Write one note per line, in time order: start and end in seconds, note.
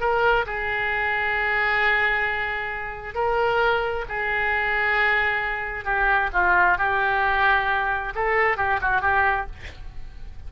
0.00 0.45 A#4
0.46 3.15 G#4
3.15 4.05 A#4
4.09 5.84 G#4
5.84 6.30 G4
6.33 6.78 F4
6.78 8.13 G4
8.15 8.57 A4
8.57 8.79 G4
8.81 9.01 F#4
9.01 9.46 G4